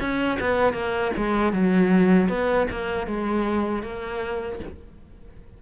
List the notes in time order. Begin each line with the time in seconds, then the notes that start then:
0.00 C#4
0.40 B3
0.74 A#3
1.17 G#3
1.53 F#3
2.29 B3
2.71 A#3
3.07 G#3
3.83 A#3